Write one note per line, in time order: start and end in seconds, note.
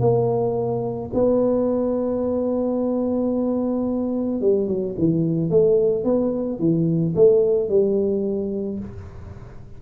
0.00 1.10 A#3
1.14 4.41 B3
4.41 4.67 G3
4.67 4.95 F#3
4.98 5.50 E3
5.50 6.04 A3
6.04 6.59 B3
6.59 7.14 E3
7.15 7.69 A3
7.69 8.79 G3